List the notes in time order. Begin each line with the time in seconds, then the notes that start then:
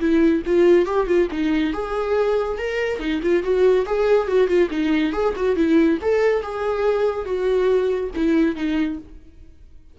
0.00 E4
0.46 F4
0.86 G4
1.07 F4
1.31 D#4
1.73 G#4
2.58 A#4
2.99 D#4
3.22 F4
3.43 F#4
3.86 G#4
4.28 F#4
4.48 F4
4.71 D#4
5.13 G#4
5.36 F#4
5.56 E4
6.02 A4
6.42 G#4
7.25 F#4
8.15 E4
8.56 D#4